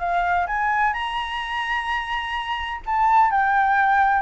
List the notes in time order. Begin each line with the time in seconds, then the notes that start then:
0.00 F5
0.47 G#5
0.94 A#5
2.86 A5
3.31 G5